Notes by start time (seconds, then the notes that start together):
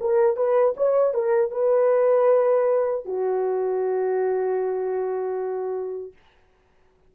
0.00 A#4
0.36 B4
0.77 C#5
1.14 A#4
1.51 B4
3.05 F#4